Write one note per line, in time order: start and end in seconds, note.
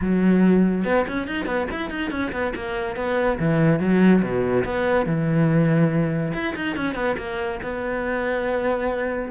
0.01 0.84 F#3
0.84 1.05 B3
1.07 1.27 C#4
1.27 1.45 D#4
1.45 1.66 B3
1.71 1.89 E4
1.89 2.10 D#4
2.10 2.31 C#4
2.32 2.53 B3
2.55 2.96 A#3
2.96 3.38 B3
3.39 3.79 E3
3.79 4.22 F#3
4.22 4.64 B2
4.64 5.06 B3
5.06 6.32 E3
6.33 6.54 E4
6.55 6.76 D#4
6.76 6.94 C#4
6.94 7.16 B3
7.17 7.60 A#3
7.62 9.31 B3